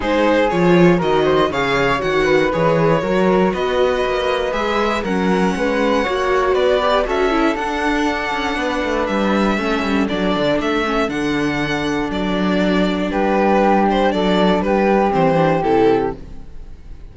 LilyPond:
<<
  \new Staff \with { instrumentName = "violin" } { \time 4/4 \tempo 4 = 119 c''4 cis''4 dis''4 f''4 | fis''4 cis''2 dis''4~ | dis''4 e''4 fis''2~ | fis''4 d''4 e''4 fis''4~ |
fis''2 e''2 | d''4 e''4 fis''2 | d''2 b'4. c''8 | d''4 b'4 c''4 a'4 | }
  \new Staff \with { instrumentName = "flute" } { \time 4/4 gis'2 ais'8 c''8 cis''4~ | cis''8 b'4. ais'4 b'4~ | b'2 ais'4 b'4 | cis''4 b'4 a'2~ |
a'4 b'2 a'4~ | a'1~ | a'2 g'2 | a'4 g'2. | }
  \new Staff \with { instrumentName = "viola" } { \time 4/4 dis'4 f'4 fis'4 gis'4 | fis'4 gis'4 fis'2~ | fis'4 gis'4 cis'2 | fis'4. g'8 fis'8 e'8 d'4~ |
d'2. cis'4 | d'4. cis'8 d'2~ | d'1~ | d'2 c'8 d'8 e'4 | }
  \new Staff \with { instrumentName = "cello" } { \time 4/4 gis4 f4 dis4 cis4 | dis4 e4 fis4 b4 | ais4 gis4 fis4 gis4 | ais4 b4 cis'4 d'4~ |
d'8 cis'8 b8 a8 g4 a8 g8 | fis8 d8 a4 d2 | fis2 g2 | fis4 g4 e4 c4 | }
>>